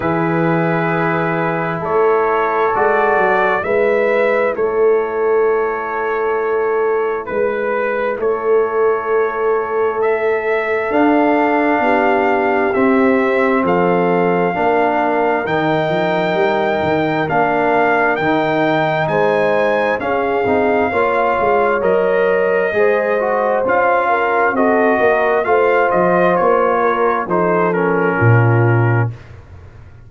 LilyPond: <<
  \new Staff \with { instrumentName = "trumpet" } { \time 4/4 \tempo 4 = 66 b'2 cis''4 d''4 | e''4 cis''2. | b'4 cis''2 e''4 | f''2 e''4 f''4~ |
f''4 g''2 f''4 | g''4 gis''4 f''2 | dis''2 f''4 dis''4 | f''8 dis''8 cis''4 c''8 ais'4. | }
  \new Staff \with { instrumentName = "horn" } { \time 4/4 gis'2 a'2 | b'4 a'2. | b'4 a'2.~ | a'4 g'2 a'4 |
ais'1~ | ais'4 c''4 gis'4 cis''4~ | cis''4 c''4. ais'8 a'8 ais'8 | c''4. ais'8 a'4 f'4 | }
  \new Staff \with { instrumentName = "trombone" } { \time 4/4 e'2. fis'4 | e'1~ | e'1 | d'2 c'2 |
d'4 dis'2 d'4 | dis'2 cis'8 dis'8 f'4 | ais'4 gis'8 fis'8 f'4 fis'4 | f'2 dis'8 cis'4. | }
  \new Staff \with { instrumentName = "tuba" } { \time 4/4 e2 a4 gis8 fis8 | gis4 a2. | gis4 a2. | d'4 b4 c'4 f4 |
ais4 dis8 f8 g8 dis8 ais4 | dis4 gis4 cis'8 c'8 ais8 gis8 | fis4 gis4 cis'4 c'8 ais8 | a8 f8 ais4 f4 ais,4 | }
>>